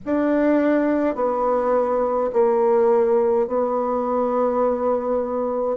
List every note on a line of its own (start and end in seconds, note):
0.05 1.15 D4
1.15 2.30 B3
2.32 3.47 A#3
3.47 5.76 B3